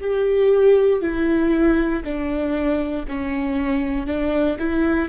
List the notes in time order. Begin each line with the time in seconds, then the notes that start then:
0.00 G4
1.01 E4
2.04 D4
3.08 C#4
4.06 D4
4.58 E4